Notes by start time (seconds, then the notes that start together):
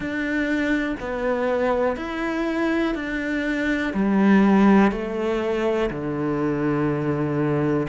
0.00 D4
1.00 B3
1.96 E4
2.95 D4
3.93 G3
4.91 A3
5.90 D3